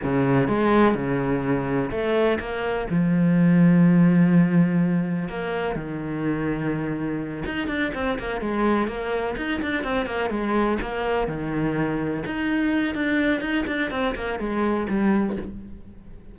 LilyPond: \new Staff \with { instrumentName = "cello" } { \time 4/4 \tempo 4 = 125 cis4 gis4 cis2 | a4 ais4 f2~ | f2. ais4 | dis2.~ dis8 dis'8 |
d'8 c'8 ais8 gis4 ais4 dis'8 | d'8 c'8 ais8 gis4 ais4 dis8~ | dis4. dis'4. d'4 | dis'8 d'8 c'8 ais8 gis4 g4 | }